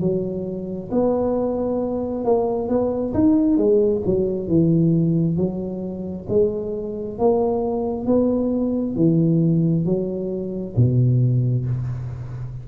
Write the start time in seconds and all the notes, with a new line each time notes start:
0.00 F#3
0.92 B3
2.25 A#3
2.69 B3
3.14 D#4
3.57 G#3
4.06 F#3
4.48 E3
5.37 F#3
6.29 G#3
7.18 A#3
8.06 B3
8.96 E3
9.85 F#3
10.76 B2